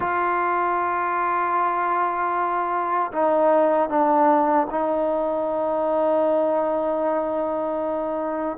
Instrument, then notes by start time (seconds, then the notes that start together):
trombone
0.00 F4
3.12 D#4
3.89 D4
4.70 D#4